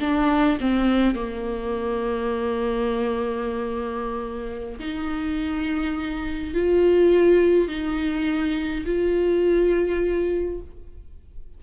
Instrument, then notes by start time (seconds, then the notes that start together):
viola
0.00 D4
0.60 C4
1.14 A#3
4.79 D#4
6.54 F4
7.68 D#4
8.85 F4